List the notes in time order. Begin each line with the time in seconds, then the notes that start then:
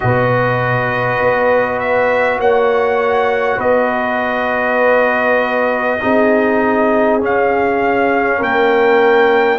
0.00 B2 F#4 B4 D#5
1.20 B3
1.79 E5
2.38 A#3 C#5 F#5
3.57 B3 B4 D#5
6.00 C4 D#4 G#4
7.20 C#4 F5
8.38 A#3 A#4 G5